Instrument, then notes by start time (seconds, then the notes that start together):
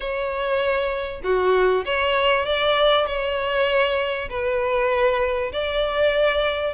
violin
0.00 C#5
1.23 F#4
1.85 C#5
2.45 D5
3.06 C#5
4.29 B4
5.52 D5